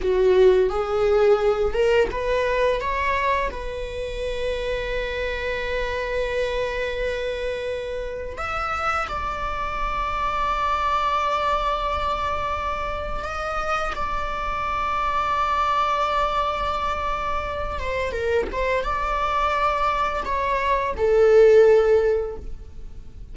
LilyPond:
\new Staff \with { instrumentName = "viola" } { \time 4/4 \tempo 4 = 86 fis'4 gis'4. ais'8 b'4 | cis''4 b'2.~ | b'1 | e''4 d''2.~ |
d''2. dis''4 | d''1~ | d''4. c''8 ais'8 c''8 d''4~ | d''4 cis''4 a'2 | }